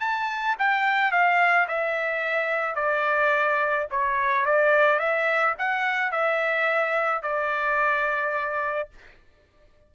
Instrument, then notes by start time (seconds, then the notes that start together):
trumpet
0.00 A5
0.59 G5
1.12 F5
1.68 E5
2.76 D5
3.91 C#5
4.46 D5
4.99 E5
5.59 F#5
6.12 E5
7.22 D5